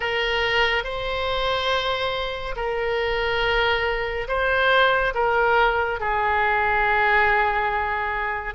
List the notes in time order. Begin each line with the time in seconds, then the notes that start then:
0.00 A#4
0.84 C5
2.56 A#4
4.27 C5
5.14 A#4
6.00 G#4